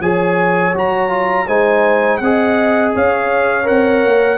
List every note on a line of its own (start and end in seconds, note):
0.00 0.73 F3
0.00 0.73 G#4
0.00 1.46 C#5
0.00 0.74 G#5
0.73 1.47 F#3
0.73 1.09 F#4
0.73 1.48 A#5
1.09 1.45 F4
1.46 2.20 G#3
1.46 2.21 D#4
1.46 2.20 C5
1.46 2.17 G#5
2.17 2.93 C4
2.17 2.90 F#5
2.23 3.64 G#4
2.23 2.95 D#5
2.95 3.68 C#4
2.95 4.38 C#5
2.95 3.67 F5
3.64 4.05 C4
3.64 4.37 A#4
3.64 4.38 F#5
4.05 4.38 A#3